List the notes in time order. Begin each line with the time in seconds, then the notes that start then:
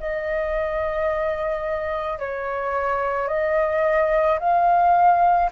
0.00 D#5
2.19 C#5
3.28 D#5
4.40 F5